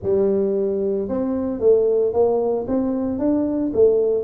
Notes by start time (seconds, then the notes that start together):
0.02 G3
1.08 C4
1.60 A3
2.13 A#3
2.67 C4
3.18 D4
3.73 A3